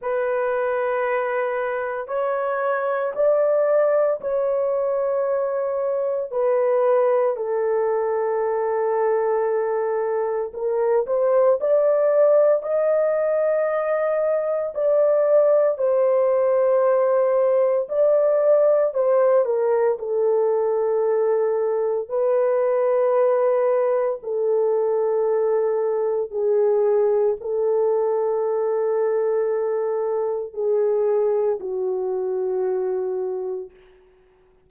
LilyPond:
\new Staff \with { instrumentName = "horn" } { \time 4/4 \tempo 4 = 57 b'2 cis''4 d''4 | cis''2 b'4 a'4~ | a'2 ais'8 c''8 d''4 | dis''2 d''4 c''4~ |
c''4 d''4 c''8 ais'8 a'4~ | a'4 b'2 a'4~ | a'4 gis'4 a'2~ | a'4 gis'4 fis'2 | }